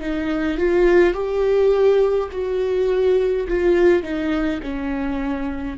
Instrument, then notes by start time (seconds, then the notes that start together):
viola
0.00 D#4
0.58 F4
1.13 G4
2.31 F#4
3.48 F4
4.02 D#4
4.62 C#4